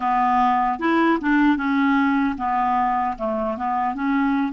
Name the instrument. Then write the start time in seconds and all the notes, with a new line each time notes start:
clarinet
0.00 B3
0.79 E4
1.21 D4
1.56 C#4
2.37 B3
3.18 A3
3.57 B3
3.94 C#4